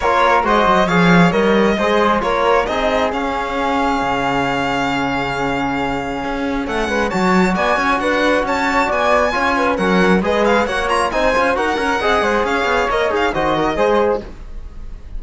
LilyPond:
<<
  \new Staff \with { instrumentName = "violin" } { \time 4/4 \tempo 4 = 135 cis''4 dis''4 f''4 dis''4~ | dis''4 cis''4 dis''4 f''4~ | f''1~ | f''2. fis''4 |
a''4 gis''4 fis''4 a''4 | gis''2 fis''4 dis''8 f''8 | fis''8 ais''8 gis''4 fis''2 | f''4 dis''8 f''8 dis''2 | }
  \new Staff \with { instrumentName = "flute" } { \time 4/4 ais'4 c''4 cis''2 | c''4 ais'4 gis'2~ | gis'1~ | gis'2. a'8 b'8 |
cis''4 d''8 cis''8 b'4 cis''4 | d''4 cis''8 b'8 ais'4 b'4 | cis''4 c''4 ais'4 dis''8 c''8 | cis''2 c''8 ais'8 c''4 | }
  \new Staff \with { instrumentName = "trombone" } { \time 4/4 f'4 fis'4 gis'4 ais'4 | gis'4 f'4 dis'4 cis'4~ | cis'1~ | cis'1 |
fis'1~ | fis'4 f'4 cis'4 gis'4 | fis'8 f'8 dis'8 f'8 fis'8 ais'8 gis'4~ | gis'4 ais'8 gis'8 fis'4 gis'4 | }
  \new Staff \with { instrumentName = "cello" } { \time 4/4 ais4 gis8 fis8 f4 g4 | gis4 ais4 c'4 cis'4~ | cis'4 cis2.~ | cis2 cis'4 a8 gis8 |
fis4 b8 cis'8 d'4 cis'4 | b4 cis'4 fis4 gis4 | ais4 c'8 cis'8 dis'8 cis'8 c'8 gis8 | cis'8 b8 ais8 dis'8 dis4 gis4 | }
>>